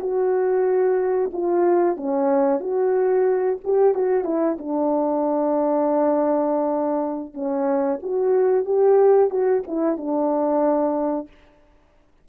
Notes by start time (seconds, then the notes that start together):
0.00 F#4
1.33 F4
1.97 C#4
2.60 F#4
3.64 G4
3.94 F#4
4.24 E4
4.58 D4
7.34 C#4
8.02 F#4
8.65 G4
9.30 F#4
9.67 E4
9.97 D4